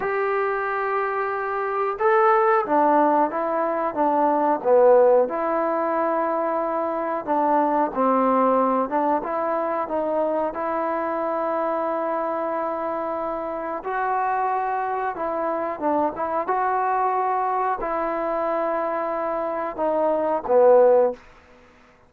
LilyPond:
\new Staff \with { instrumentName = "trombone" } { \time 4/4 \tempo 4 = 91 g'2. a'4 | d'4 e'4 d'4 b4 | e'2. d'4 | c'4. d'8 e'4 dis'4 |
e'1~ | e'4 fis'2 e'4 | d'8 e'8 fis'2 e'4~ | e'2 dis'4 b4 | }